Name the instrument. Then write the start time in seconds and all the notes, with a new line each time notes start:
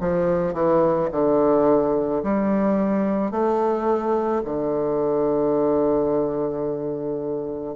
bassoon
0.00 F3
0.54 E3
1.12 D3
2.23 G3
3.31 A3
4.44 D3